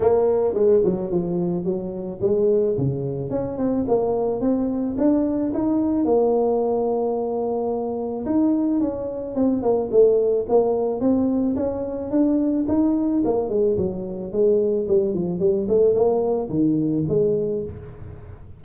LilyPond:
\new Staff \with { instrumentName = "tuba" } { \time 4/4 \tempo 4 = 109 ais4 gis8 fis8 f4 fis4 | gis4 cis4 cis'8 c'8 ais4 | c'4 d'4 dis'4 ais4~ | ais2. dis'4 |
cis'4 c'8 ais8 a4 ais4 | c'4 cis'4 d'4 dis'4 | ais8 gis8 fis4 gis4 g8 f8 | g8 a8 ais4 dis4 gis4 | }